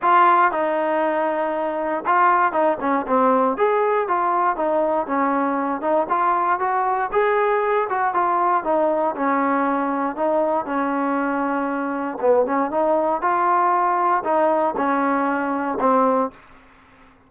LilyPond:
\new Staff \with { instrumentName = "trombone" } { \time 4/4 \tempo 4 = 118 f'4 dis'2. | f'4 dis'8 cis'8 c'4 gis'4 | f'4 dis'4 cis'4. dis'8 | f'4 fis'4 gis'4. fis'8 |
f'4 dis'4 cis'2 | dis'4 cis'2. | b8 cis'8 dis'4 f'2 | dis'4 cis'2 c'4 | }